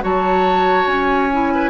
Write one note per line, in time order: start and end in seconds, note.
0.00 0.86 F#3
0.00 1.29 F#4
0.00 1.53 C#5
0.00 0.88 A5
0.86 1.69 C#4
0.86 1.69 G#5
1.32 1.69 E4
1.54 1.69 B4